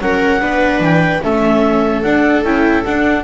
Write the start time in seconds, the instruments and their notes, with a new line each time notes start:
0.00 double bass F#3, viola C#4 A#4, clarinet F#5
0.41 double bass B3, viola D4 B4
0.79 double bass E3, clarinet G5
1.23 double bass A3, viola C#4 A4, clarinet E5
2.02 double bass D4, viola D4, clarinet F#5
2.43 double bass C#4, viola E4, clarinet G5
2.84 viola D4, double bass D4, clarinet F#5